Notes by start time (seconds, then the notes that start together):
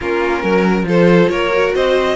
0.00 A#3 C#4 F4 A#4
0.42 F#3 A#4
0.82 F3 F4 A4 C5
1.29 A#3 A#4 C#5
1.52 F#4
1.75 C4 C5 D#5